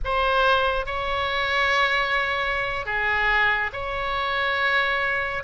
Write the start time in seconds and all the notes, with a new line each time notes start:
0.04 C5
0.85 C#5
2.85 G#4
3.72 C#5